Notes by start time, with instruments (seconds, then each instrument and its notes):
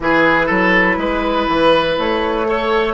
0.00 bassoon E3, clarinet E4, oboe G#4, flute B4
0.46 bassoon F#3, oboe A4
0.97 bassoon G#3, oboe B4
1.48 bassoon E3
1.98 bassoon A3, flute C#5
2.46 clarinet A4, oboe C#5